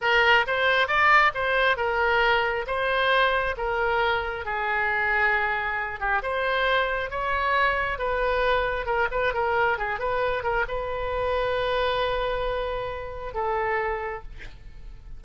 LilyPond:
\new Staff \with { instrumentName = "oboe" } { \time 4/4 \tempo 4 = 135 ais'4 c''4 d''4 c''4 | ais'2 c''2 | ais'2 gis'2~ | gis'4. g'8 c''2 |
cis''2 b'2 | ais'8 b'8 ais'4 gis'8 b'4 ais'8 | b'1~ | b'2 a'2 | }